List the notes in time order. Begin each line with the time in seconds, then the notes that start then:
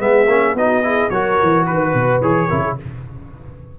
0.00 G#3 B3 G#4 E5
0.27 A#3 C#4
0.55 B3 D#4 F#4 D#5
0.83 E4 G#4
1.10 F#3 F#4 A#4 C#5
1.43 E3
1.67 D#3 B4
1.94 B2
2.22 E3 G#4 C#5
2.48 C#3 E4 A#4
2.63 G#4